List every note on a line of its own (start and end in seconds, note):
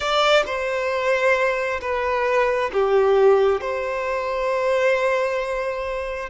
0.00 0.43 D5
0.46 1.80 C5
1.81 2.70 B4
2.72 3.61 G4
3.61 6.29 C5